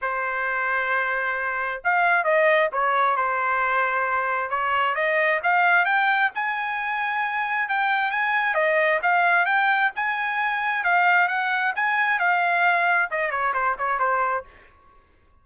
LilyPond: \new Staff \with { instrumentName = "trumpet" } { \time 4/4 \tempo 4 = 133 c''1 | f''4 dis''4 cis''4 c''4~ | c''2 cis''4 dis''4 | f''4 g''4 gis''2~ |
gis''4 g''4 gis''4 dis''4 | f''4 g''4 gis''2 | f''4 fis''4 gis''4 f''4~ | f''4 dis''8 cis''8 c''8 cis''8 c''4 | }